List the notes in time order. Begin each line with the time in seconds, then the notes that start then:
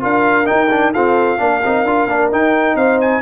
0.00 D4 F4 A#4 F5
0.45 D#4 G5
0.51 D#4
0.71 D4
0.93 C4 F4 A4 F5
1.38 A#3 D4 A#4
1.64 C4 D#4
1.84 D4 F4
2.06 A#3 D4
2.32 D#4 G5
2.75 C4 C5 F5
3.01 G#5